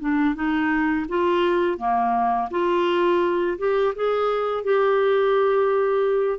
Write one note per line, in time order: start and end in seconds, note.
0.00 0.35 D4
0.35 1.06 D#4
1.09 1.78 F4
1.78 2.49 A#3
2.51 3.58 F4
3.58 3.94 G4
3.95 4.64 G#4
4.64 6.39 G4